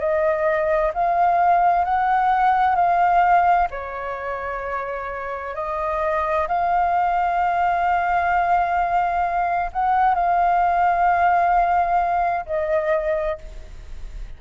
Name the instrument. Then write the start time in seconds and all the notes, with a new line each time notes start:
flute
0.00 D#5
0.94 F5
1.85 F#5
2.76 F5
3.71 C#5
5.56 D#5
6.48 F5
9.73 F#5
10.15 F5
12.46 D#5